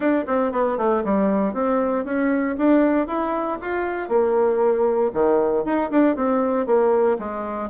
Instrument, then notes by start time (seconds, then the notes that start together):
bassoon
0.00 D4
0.26 C4
0.52 B3
0.77 A3
1.04 G3
1.53 C4
2.04 C#4
2.58 D4
3.07 E4
3.61 F4
4.08 A#3
5.13 D#3
5.64 D#4
5.90 D4
6.15 C4
6.66 A#3
7.18 G#3